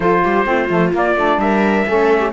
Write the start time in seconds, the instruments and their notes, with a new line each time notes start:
0.00 cello F3, saxophone F4, viola A4, trumpet C5
0.23 cello G3, viola G4
0.44 cello A3, saxophone C4, viola F4
0.69 cello F3, saxophone A3
0.93 cello A#3, saxophone A#3, trumpet D5
1.15 cello A3, saxophone D4
1.37 cello G3, viola A#4, trumpet E5
1.86 cello A3, saxophone C#4, viola A4
2.19 viola G4